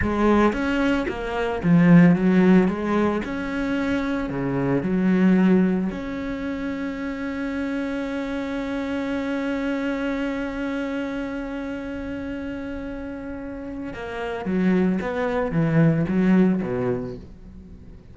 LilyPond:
\new Staff \with { instrumentName = "cello" } { \time 4/4 \tempo 4 = 112 gis4 cis'4 ais4 f4 | fis4 gis4 cis'2 | cis4 fis2 cis'4~ | cis'1~ |
cis'1~ | cis'1~ | cis'2 ais4 fis4 | b4 e4 fis4 b,4 | }